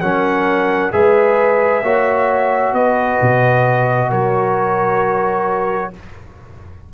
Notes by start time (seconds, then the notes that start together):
0.00 F#3 C#4 A#4 F#5
0.91 G#3 G#4 B4 E5
1.82 A#3 F#4 C#5
2.72 B3 B4 D#5
3.21 B2
4.09 F#3 A#4 C#5